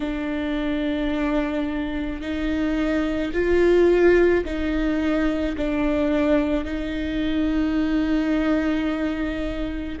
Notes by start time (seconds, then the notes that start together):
0.00 D4
2.21 D#4
3.33 F4
4.44 D#4
5.57 D4
6.65 D#4